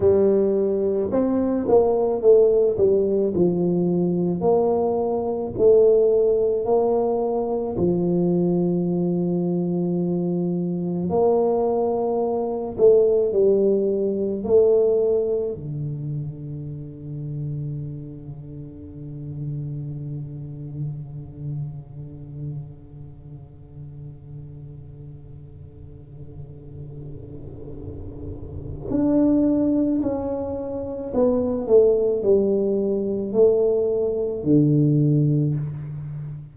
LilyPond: \new Staff \with { instrumentName = "tuba" } { \time 4/4 \tempo 4 = 54 g4 c'8 ais8 a8 g8 f4 | ais4 a4 ais4 f4~ | f2 ais4. a8 | g4 a4 d2~ |
d1~ | d1~ | d2 d'4 cis'4 | b8 a8 g4 a4 d4 | }